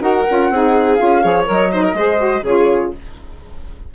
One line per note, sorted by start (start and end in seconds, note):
0.00 0.24 D#4
0.00 0.25 F#4
0.00 0.51 A#4
0.00 0.95 F#5
0.28 0.50 C#4
0.28 0.52 F4
0.50 0.98 C4
0.50 0.98 D#4
0.50 1.22 G#4
0.95 1.22 F4
0.95 1.43 F5
1.01 1.23 C#4
1.22 1.48 F3
1.22 1.45 G#4
1.22 1.71 C#5
1.45 1.93 F#3
1.45 1.69 A#4
1.45 2.44 D#5
1.71 1.96 D#4
1.71 1.83 C5
1.83 1.95 A#4
1.93 2.41 G#3
1.93 2.17 G#4
1.93 2.43 C5
2.17 2.41 F#4
2.42 2.90 C#3
2.42 2.94 F4
2.42 2.91 G#4
2.42 2.92 C#5